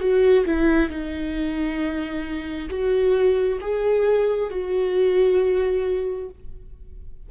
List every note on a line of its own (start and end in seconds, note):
0.00 0.45 F#4
0.46 0.90 E4
0.90 2.69 D#4
2.69 3.59 F#4
3.61 4.50 G#4
4.50 6.29 F#4